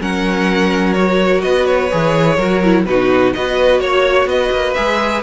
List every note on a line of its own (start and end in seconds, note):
0.00 1.43 F#3
0.00 0.95 C#4
0.00 1.43 A#4
0.00 0.93 F#5
0.93 1.90 F#4
0.93 1.40 C#5
1.41 1.91 B3
1.41 2.36 B4
1.41 1.65 D#5
1.65 2.84 C#5
1.91 2.37 E3
1.91 2.38 G#4
2.36 2.85 F#3
2.36 2.63 F#4
2.36 2.83 A#4
2.63 2.87 E4
2.85 3.33 B2
2.85 3.35 D#4
2.85 3.35 F#4
2.85 3.32 B4
3.33 3.80 B3
3.33 4.75 F#4
3.33 3.81 B4
3.33 3.79 D#5
3.79 4.25 A#3
3.79 4.27 C#5
3.79 4.28 C#5
4.25 4.49 B3
4.25 5.23 B4
4.25 4.73 D#5
4.50 4.74 A#3
4.73 5.23 G#3
4.73 5.23 G#4
4.73 5.21 E5